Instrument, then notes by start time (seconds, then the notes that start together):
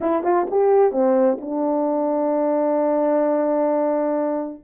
horn
0.00 E4
0.23 F4
0.50 G4
0.91 C4
1.40 D4